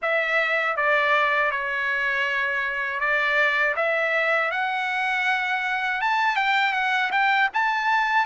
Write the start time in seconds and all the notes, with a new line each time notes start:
0.01 E5
0.76 D5
1.51 C#5
3.00 D5
3.76 E5
4.51 F#5
6.01 A5
6.36 G5
6.73 F#5
7.11 G5
7.53 A5